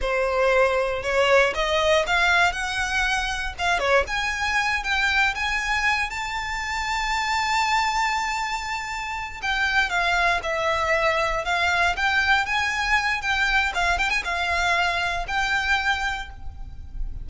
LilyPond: \new Staff \with { instrumentName = "violin" } { \time 4/4 \tempo 4 = 118 c''2 cis''4 dis''4 | f''4 fis''2 f''8 cis''8 | gis''4. g''4 gis''4. | a''1~ |
a''2~ a''8 g''4 f''8~ | f''8 e''2 f''4 g''8~ | g''8 gis''4. g''4 f''8 g''16 gis''16 | f''2 g''2 | }